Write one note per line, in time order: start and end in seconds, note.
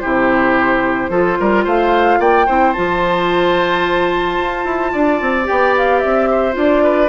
0.00 1.10 C3
0.00 1.11 E4
0.00 1.11 G4
0.00 1.64 C5
1.10 1.37 F3
1.10 2.48 F4
1.10 1.38 A4
1.40 1.66 G3
1.40 1.65 A#4
1.65 2.19 A3
1.65 2.19 C5
1.65 2.22 F5
2.19 2.47 A#3
2.19 2.47 D5
2.19 2.73 G5
2.47 2.76 C4
2.47 2.75 E4
2.47 4.92 C5
2.73 4.39 F3
2.73 5.44 F4
2.73 5.46 A5
4.39 4.65 F4
4.65 4.92 E4
4.93 5.21 D4
4.93 6.30 D5
5.21 5.49 C4
5.44 6.53 G4
5.44 5.75 G5
5.51 6.05 B3
5.78 5.99 F5
5.99 6.56 C4
5.99 6.54 E5
6.31 6.84 C5
6.53 7.10 D4
6.53 7.08 F4
6.53 7.10 D5
6.84 7.10 B4